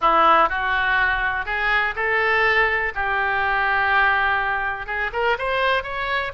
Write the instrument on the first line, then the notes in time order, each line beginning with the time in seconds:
oboe
0.01 E4
0.49 F#4
1.45 G#4
1.95 A4
2.94 G4
4.86 G#4
5.12 A#4
5.38 C5
5.83 C#5